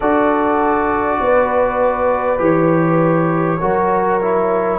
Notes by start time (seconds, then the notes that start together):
0.00 D4 F#4 A4 D5
1.20 B3 B4
2.38 E3 G4 C#5
3.60 F#3 F#4 A#4
4.21 E4